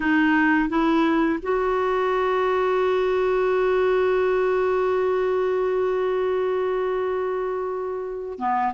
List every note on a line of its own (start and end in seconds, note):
0.00 0.68 D#4
0.69 1.39 E4
1.42 8.38 F#4
8.38 8.73 B3